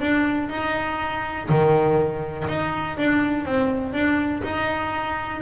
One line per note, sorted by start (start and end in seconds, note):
0.00 0.49 D4
0.49 1.48 D#4
1.49 2.47 D#3
2.48 2.97 D#4
2.97 3.45 D4
3.45 3.93 C4
3.93 4.42 D4
4.43 5.41 D#4